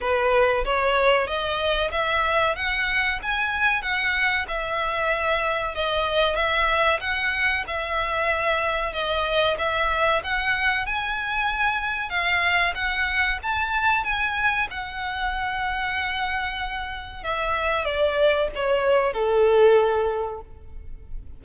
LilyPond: \new Staff \with { instrumentName = "violin" } { \time 4/4 \tempo 4 = 94 b'4 cis''4 dis''4 e''4 | fis''4 gis''4 fis''4 e''4~ | e''4 dis''4 e''4 fis''4 | e''2 dis''4 e''4 |
fis''4 gis''2 f''4 | fis''4 a''4 gis''4 fis''4~ | fis''2. e''4 | d''4 cis''4 a'2 | }